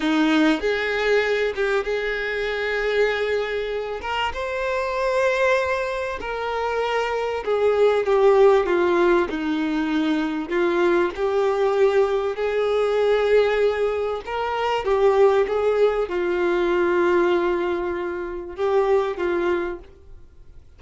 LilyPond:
\new Staff \with { instrumentName = "violin" } { \time 4/4 \tempo 4 = 97 dis'4 gis'4. g'8 gis'4~ | gis'2~ gis'8 ais'8 c''4~ | c''2 ais'2 | gis'4 g'4 f'4 dis'4~ |
dis'4 f'4 g'2 | gis'2. ais'4 | g'4 gis'4 f'2~ | f'2 g'4 f'4 | }